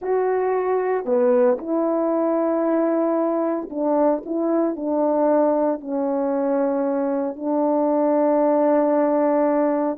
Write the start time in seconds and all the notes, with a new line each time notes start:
0.01 F#4
1.05 B3
1.58 E4
3.70 D4
4.25 E4
4.76 D4
5.80 C#4
7.35 D4